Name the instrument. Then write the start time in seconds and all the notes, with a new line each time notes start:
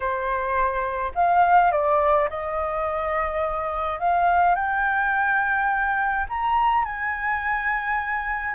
flute
0.00 C5
1.14 F5
1.71 D5
2.29 D#5
3.99 F5
4.55 G5
6.29 A#5
6.84 G#5